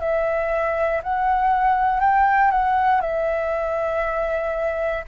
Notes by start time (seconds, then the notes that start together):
0.00 E5
1.04 F#5
2.01 G5
2.51 F#5
3.01 E5